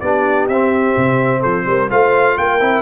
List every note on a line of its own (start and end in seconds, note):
0.00 0.48 B3
0.00 0.51 D4
0.00 1.40 G4
0.00 0.47 D5
0.48 0.95 C4
0.48 1.90 C4
0.48 1.42 E5
0.97 1.44 C3
1.40 1.66 F3
1.40 1.64 A4
1.40 1.89 C5
1.66 1.89 G3
1.66 1.90 A#4
1.90 2.37 A3
1.90 2.60 F4
1.90 2.37 C5
1.90 2.38 F5
2.38 2.61 A#3
2.38 2.82 A#4
2.38 2.82 G5
2.60 2.82 C4
2.60 2.82 E4